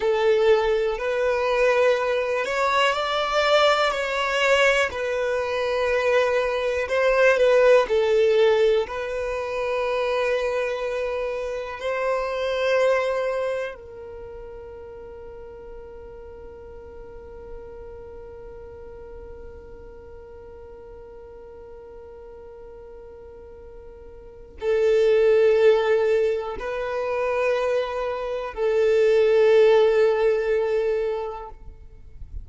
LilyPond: \new Staff \with { instrumentName = "violin" } { \time 4/4 \tempo 4 = 61 a'4 b'4. cis''8 d''4 | cis''4 b'2 c''8 b'8 | a'4 b'2. | c''2 ais'2~ |
ais'1~ | ais'1~ | ais'4 a'2 b'4~ | b'4 a'2. | }